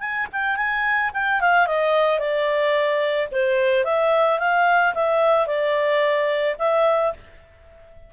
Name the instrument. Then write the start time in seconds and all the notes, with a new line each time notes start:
clarinet
0.00 G#5
0.32 G5
0.56 G#5
1.13 G5
1.41 F5
1.67 D#5
2.19 D5
3.32 C5
3.85 E5
4.39 F5
4.94 E5
5.47 D5
6.59 E5